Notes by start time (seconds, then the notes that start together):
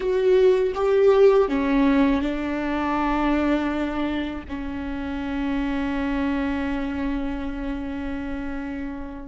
0.00 F#4
0.74 G4
1.48 C#4
2.22 D4
4.48 C#4